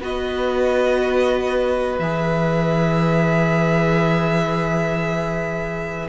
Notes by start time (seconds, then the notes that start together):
0.00 B3 F#4 B4 D#5
1.99 E3 G#4 E5